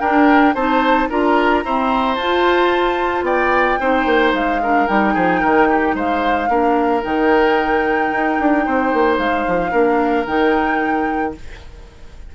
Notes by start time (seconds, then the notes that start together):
0.00 D4 A#4 G5
0.54 C4 D#4 C5 A5
1.10 D4 F4 A#4 A#5
1.64 C4 E4 C5
2.15 F4 A5
3.21 B3 D5 G5
3.80 C4 D#4 C5
4.06 A#3
4.33 G#3 F5
4.63 D4 A#4
4.87 G3 D#4 G5
5.14 F3 G#4
5.40 D#3 A#4
5.69 G4
5.94 G#3 C5 F5
6.48 A#3 D4 A#4
7.01 D#3 D#4 G5
8.11 D#4
8.40 D4
8.65 C4 C5
8.93 A#3
9.18 G#3 F5
9.47 F3
9.71 A#3 D4 A#4
10.26 D#3 D#4 G5